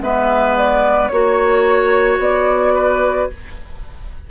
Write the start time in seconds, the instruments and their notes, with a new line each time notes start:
0.00 bassoon G#3, clarinet B3, oboe B4, flute E5
0.57 flute D5
1.08 bassoon A#3, clarinet F#4, flute C#5, oboe C#5
2.18 bassoon B3, flute D5
2.74 oboe B4